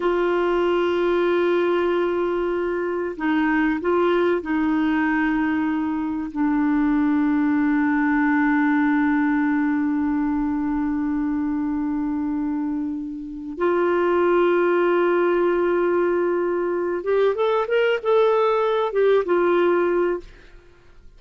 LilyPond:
\new Staff \with { instrumentName = "clarinet" } { \time 4/4 \tempo 4 = 95 f'1~ | f'4 dis'4 f'4 dis'4~ | dis'2 d'2~ | d'1~ |
d'1~ | d'4. f'2~ f'8~ | f'2. g'8 a'8 | ais'8 a'4. g'8 f'4. | }